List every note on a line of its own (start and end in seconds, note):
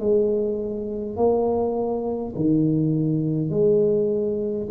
0.00 1.17 G#3
1.17 2.34 A#3
2.36 3.50 D#3
3.50 4.68 G#3